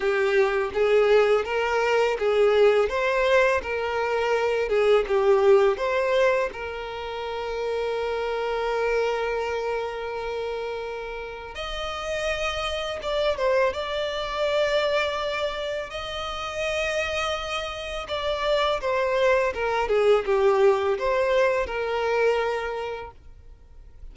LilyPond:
\new Staff \with { instrumentName = "violin" } { \time 4/4 \tempo 4 = 83 g'4 gis'4 ais'4 gis'4 | c''4 ais'4. gis'8 g'4 | c''4 ais'2.~ | ais'1 |
dis''2 d''8 c''8 d''4~ | d''2 dis''2~ | dis''4 d''4 c''4 ais'8 gis'8 | g'4 c''4 ais'2 | }